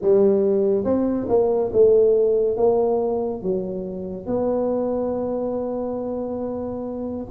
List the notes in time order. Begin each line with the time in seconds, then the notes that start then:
0.01 G3
0.84 C4
1.29 A#3
1.73 A3
2.56 A#3
3.42 F#3
4.26 B3